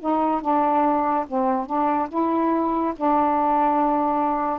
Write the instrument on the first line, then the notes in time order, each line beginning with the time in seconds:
saxophone
0.00 D#4
0.41 D4
1.28 C4
1.66 D4
2.09 E4
2.96 D4